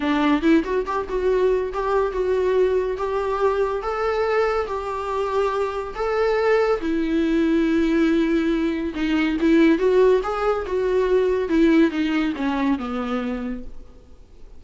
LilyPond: \new Staff \with { instrumentName = "viola" } { \time 4/4 \tempo 4 = 141 d'4 e'8 fis'8 g'8 fis'4. | g'4 fis'2 g'4~ | g'4 a'2 g'4~ | g'2 a'2 |
e'1~ | e'4 dis'4 e'4 fis'4 | gis'4 fis'2 e'4 | dis'4 cis'4 b2 | }